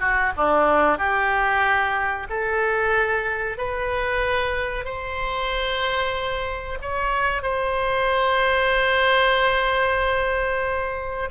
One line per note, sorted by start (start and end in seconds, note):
0.00 0.32 F#4
0.36 0.98 D4
0.98 2.27 G4
2.29 3.57 A4
3.57 4.84 B4
4.84 6.78 C5
6.81 7.42 C#5
7.42 11.29 C5